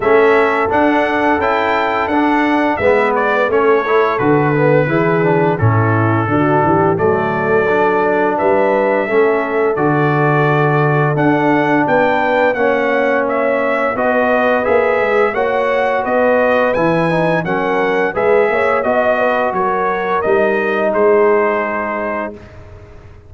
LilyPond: <<
  \new Staff \with { instrumentName = "trumpet" } { \time 4/4 \tempo 4 = 86 e''4 fis''4 g''4 fis''4 | e''8 d''8 cis''4 b'2 | a'2 d''2 | e''2 d''2 |
fis''4 g''4 fis''4 e''4 | dis''4 e''4 fis''4 dis''4 | gis''4 fis''4 e''4 dis''4 | cis''4 dis''4 c''2 | }
  \new Staff \with { instrumentName = "horn" } { \time 4/4 a'1 | b'4 a'2 gis'4 | e'4 fis'8 g'8 a'2 | b'4 a'2.~ |
a'4 b'4 cis''2 | b'2 cis''4 b'4~ | b'4 ais'4 b'8 cis''8 dis''8 b'8 | ais'2 gis'2 | }
  \new Staff \with { instrumentName = "trombone" } { \time 4/4 cis'4 d'4 e'4 d'4 | b4 cis'8 e'8 fis'8 b8 e'8 d'8 | cis'4 d'4 a4 d'4~ | d'4 cis'4 fis'2 |
d'2 cis'2 | fis'4 gis'4 fis'2 | e'8 dis'8 cis'4 gis'4 fis'4~ | fis'4 dis'2. | }
  \new Staff \with { instrumentName = "tuba" } { \time 4/4 a4 d'4 cis'4 d'4 | gis4 a4 d4 e4 | a,4 d8 e8 fis2 | g4 a4 d2 |
d'4 b4 ais2 | b4 ais8 gis8 ais4 b4 | e4 fis4 gis8 ais8 b4 | fis4 g4 gis2 | }
>>